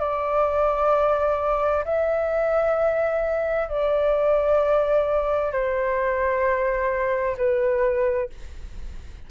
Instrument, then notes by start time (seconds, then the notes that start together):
flute
0.00 D5
1.85 E5
3.69 D5
5.53 C5
7.38 B4